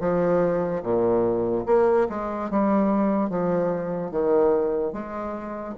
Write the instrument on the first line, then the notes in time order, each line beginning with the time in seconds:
bassoon
0.00 F3
0.83 A#2
1.66 A#3
2.09 G#3
2.50 G3
3.30 F3
4.11 D#3
4.92 G#3